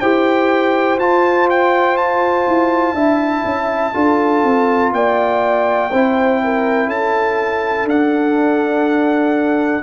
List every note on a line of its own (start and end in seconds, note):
0.00 0.98 E4
0.00 1.00 G4
0.00 2.95 C5
0.00 0.98 G5
0.98 2.46 F4
0.98 2.97 F4
0.98 1.49 A5
1.50 1.97 G5
1.97 4.92 A5
2.48 2.93 E4
2.93 3.42 D4
2.93 3.94 E4
2.93 3.93 E5
3.44 3.94 C#4
3.94 4.44 D4
3.94 5.90 F4
3.94 4.93 A4
4.44 4.92 C4
4.92 5.90 A#3
4.92 5.91 D5
4.92 6.90 G5
5.91 6.87 C4
5.91 7.89 E4
5.91 6.40 C5
6.44 6.88 A#4
6.87 7.84 C#4
6.87 9.83 A4
6.87 7.88 A5
7.84 9.81 D4
7.84 9.83 D4
7.84 9.83 F#5